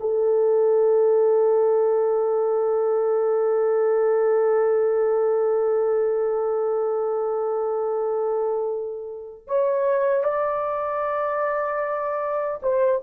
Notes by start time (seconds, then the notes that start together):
0.00 A4
9.47 C#5
10.23 D5
12.62 C5